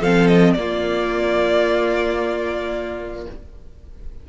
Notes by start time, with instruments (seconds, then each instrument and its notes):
0.00 cello F3, viola C4, violin A4 F5
0.27 violin D#5
0.53 cello A#3, viola A#3, violin F4 D5